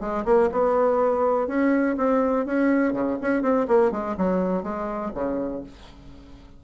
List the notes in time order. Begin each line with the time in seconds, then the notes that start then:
0.00 G#3
0.25 A#3
0.51 B3
1.47 C#4
1.97 C4
2.46 C#4
2.93 C#3
3.21 C#4
3.42 C4
3.67 A#3
3.91 G#3
4.17 F#3
4.63 G#3
5.14 C#3